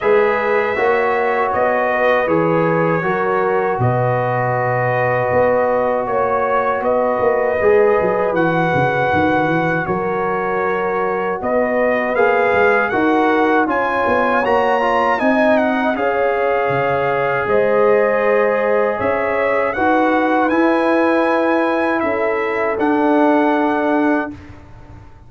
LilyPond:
<<
  \new Staff \with { instrumentName = "trumpet" } { \time 4/4 \tempo 4 = 79 e''2 dis''4 cis''4~ | cis''4 dis''2. | cis''4 dis''2 fis''4~ | fis''4 cis''2 dis''4 |
f''4 fis''4 gis''4 ais''4 | gis''8 fis''8 f''2 dis''4~ | dis''4 e''4 fis''4 gis''4~ | gis''4 e''4 fis''2 | }
  \new Staff \with { instrumentName = "horn" } { \time 4/4 b'4 cis''4. b'4. | ais'4 b'2. | cis''4 b'2.~ | b'4 ais'2 b'4~ |
b'4 ais'4 cis''2 | dis''4 cis''2 c''4~ | c''4 cis''4 b'2~ | b'4 a'2. | }
  \new Staff \with { instrumentName = "trombone" } { \time 4/4 gis'4 fis'2 gis'4 | fis'1~ | fis'2 gis'4 fis'4~ | fis'1 |
gis'4 fis'4 f'4 fis'8 f'8 | dis'4 gis'2.~ | gis'2 fis'4 e'4~ | e'2 d'2 | }
  \new Staff \with { instrumentName = "tuba" } { \time 4/4 gis4 ais4 b4 e4 | fis4 b,2 b4 | ais4 b8 ais8 gis8 fis8 e8 cis8 | dis8 e8 fis2 b4 |
ais8 gis8 dis'4 cis'8 b8 ais4 | c'4 cis'4 cis4 gis4~ | gis4 cis'4 dis'4 e'4~ | e'4 cis'4 d'2 | }
>>